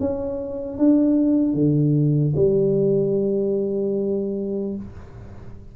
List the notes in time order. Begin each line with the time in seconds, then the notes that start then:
0.00 C#4
0.77 D4
1.54 D3
2.36 G3